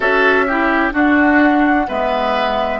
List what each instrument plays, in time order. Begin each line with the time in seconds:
0.00 bassoon C#4, clarinet F#4, oboe A4, flute E5
0.47 clarinet E4, oboe G4
0.91 clarinet D4, bassoon D4, oboe F#4, flute F#5
1.88 bassoon G#3, clarinet B3, oboe B4, flute E5